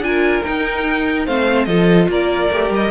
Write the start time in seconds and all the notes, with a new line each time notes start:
0.00 D4 F4 G#5
0.07 A#4
0.43 D#4 G5
1.26 A3 C4 C5 F5
1.66 F3 F4 A4 D#5
2.09 A#3 A#4 D5
2.51 A3 G4
2.70 G3 D#5